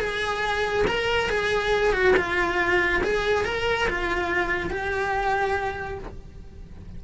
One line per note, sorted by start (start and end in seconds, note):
0.00 0.86 G#4
0.87 1.30 A#4
1.30 1.93 G#4
1.93 2.15 F#4
2.17 3.03 F4
3.04 3.45 G#4
3.45 3.88 A#4
3.89 4.71 F4
4.71 5.99 G4